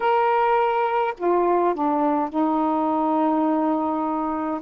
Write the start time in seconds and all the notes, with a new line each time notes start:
0.00 A#4
1.17 F4
1.74 D4
2.29 D#4